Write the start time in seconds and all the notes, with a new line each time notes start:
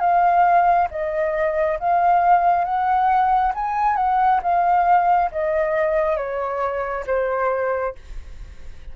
0.00 F5
0.91 D#5
1.80 F5
2.65 F#5
3.55 G#5
3.97 F#5
4.43 F5
5.32 D#5
6.17 C#5
7.07 C5